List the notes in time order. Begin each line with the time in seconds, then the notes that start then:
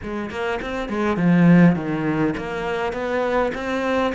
0.02 G#3
0.30 A#3
0.61 C4
0.89 G#3
1.16 F3
1.75 D#3
2.37 A#3
2.92 B3
3.54 C4